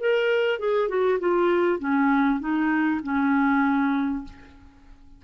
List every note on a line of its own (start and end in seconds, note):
0.00 0.60 A#4
0.60 0.89 G#4
0.89 1.19 F#4
1.20 1.79 F4
1.79 2.40 C#4
2.40 3.01 D#4
3.04 4.25 C#4